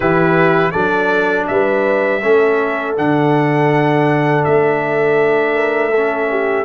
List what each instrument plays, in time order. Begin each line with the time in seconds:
0.00 tuba E3, trombone E4, horn G4, trumpet B4
0.71 tuba F#3, trombone D4, horn A4, trumpet D5
1.47 tuba G3, horn B4, trumpet E5
2.23 tuba A3, trombone C#4, horn A4
2.96 tuba D3, trombone D4, trumpet F#5
4.44 tuba A3, trumpet E5
5.55 horn A#4
5.90 trombone C#4, horn A4
6.30 horn G4